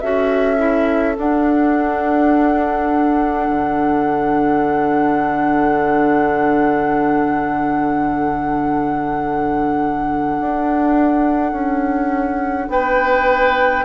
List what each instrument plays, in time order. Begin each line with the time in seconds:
0.00 bassoon C#4, clarinet F#4, oboe A4, flute E5
0.57 clarinet E4
1.16 clarinet D4, bassoon D4, flute F#5
3.49 bassoon D3
10.40 bassoon D4
11.52 bassoon C#4
12.69 bassoon B3, oboe B4, flute G5